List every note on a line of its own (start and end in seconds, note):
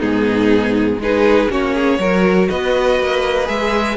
0.00 0.98 G#2
0.00 1.00 B3
0.00 0.99 D#4
0.00 1.00 G#4
0.98 1.47 G#3
0.98 1.49 D#4
0.98 1.51 G#4
0.98 1.52 B4
1.49 1.99 A#3
1.49 1.99 C#4
1.49 1.74 F#4
1.49 2.49 C#5
1.74 1.99 G#4
1.99 2.48 F#3
1.99 3.45 F#4
1.99 2.49 A#4
2.49 3.00 B3
2.49 3.97 B4
2.49 3.48 D#5
3.00 3.49 A#3
3.45 3.97 G#3
3.45 3.95 G#4
3.45 3.97 E5